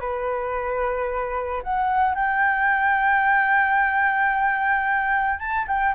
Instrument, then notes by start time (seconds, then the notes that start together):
flute
0.00 B4
1.63 F#5
2.15 G5
5.39 A5
5.67 G5